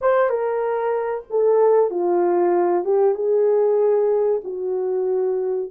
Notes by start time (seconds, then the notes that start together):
0.01 C5
0.29 A#4
1.30 A4
1.90 F4
2.84 G4
3.14 G#4
4.44 F#4